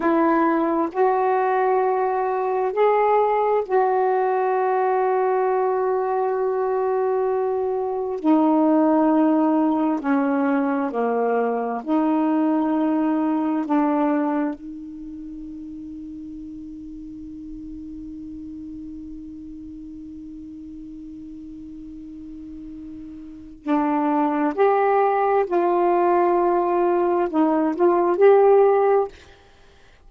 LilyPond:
\new Staff \with { instrumentName = "saxophone" } { \time 4/4 \tempo 4 = 66 e'4 fis'2 gis'4 | fis'1~ | fis'4 dis'2 cis'4 | ais4 dis'2 d'4 |
dis'1~ | dis'1~ | dis'2 d'4 g'4 | f'2 dis'8 f'8 g'4 | }